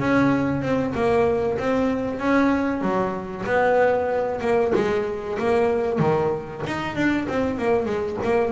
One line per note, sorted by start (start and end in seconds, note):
0.00 0.62 C#4
0.62 0.93 C4
0.95 1.58 A#3
1.58 2.20 C4
2.20 2.82 C#4
2.82 3.45 F#3
3.46 4.41 B3
4.41 4.73 A#3
4.75 5.38 G#3
5.39 5.99 A#3
5.99 6.62 D#3
6.67 6.95 D#4
6.95 7.27 D4
7.29 7.58 C4
7.58 7.86 A#3
7.86 8.17 G#3
8.24 8.52 A#3